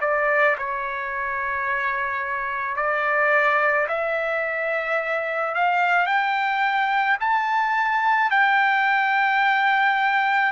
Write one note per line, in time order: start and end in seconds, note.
0.00 0.56 D5
0.57 2.76 C#5
2.76 3.87 D5
3.88 5.55 E5
5.55 6.06 F5
6.06 7.17 G5
7.20 8.30 A5
8.30 10.52 G5